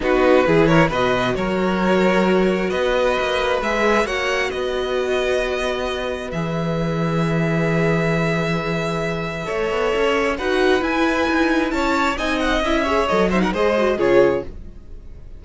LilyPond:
<<
  \new Staff \with { instrumentName = "violin" } { \time 4/4 \tempo 4 = 133 b'4. cis''8 dis''4 cis''4~ | cis''2 dis''2 | e''4 fis''4 dis''2~ | dis''2 e''2~ |
e''1~ | e''2. fis''4 | gis''2 a''4 gis''8 fis''8 | e''4 dis''8 e''16 fis''16 dis''4 cis''4 | }
  \new Staff \with { instrumentName = "violin" } { \time 4/4 fis'4 gis'8 ais'8 b'4 ais'4~ | ais'2 b'2~ | b'4 cis''4 b'2~ | b'1~ |
b'1~ | b'4 cis''2 b'4~ | b'2 cis''4 dis''4~ | dis''8 cis''4 c''16 ais'16 c''4 gis'4 | }
  \new Staff \with { instrumentName = "viola" } { \time 4/4 dis'4 e'4 fis'2~ | fis'1 | gis'4 fis'2.~ | fis'2 gis'2~ |
gis'1~ | gis'4 a'2 fis'4 | e'2. dis'4 | e'8 gis'8 a'8 dis'8 gis'8 fis'8 f'4 | }
  \new Staff \with { instrumentName = "cello" } { \time 4/4 b4 e4 b,4 fis4~ | fis2 b4 ais4 | gis4 ais4 b2~ | b2 e2~ |
e1~ | e4 a8 b8 cis'4 dis'4 | e'4 dis'4 cis'4 c'4 | cis'4 fis4 gis4 cis4 | }
>>